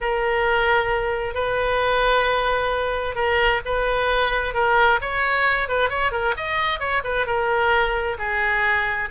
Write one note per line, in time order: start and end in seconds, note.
0.00 1.34 A#4
1.34 3.15 B4
3.15 3.60 A#4
3.65 4.54 B4
4.54 4.99 A#4
5.01 5.68 C#5
5.68 5.89 B4
5.89 6.11 C#5
6.11 6.34 A#4
6.36 6.79 D#5
6.79 7.02 C#5
7.04 7.26 B4
7.26 8.17 A#4
8.18 9.09 G#4